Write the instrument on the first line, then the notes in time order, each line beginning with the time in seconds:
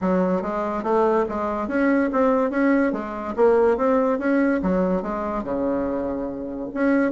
bassoon
0.01 F#3
0.42 G#3
0.83 A3
1.28 G#3
1.68 C#4
2.12 C4
2.50 C#4
2.92 G#3
3.36 A#3
3.77 C4
4.18 C#4
4.62 F#3
5.02 G#3
5.43 C#3
6.73 C#4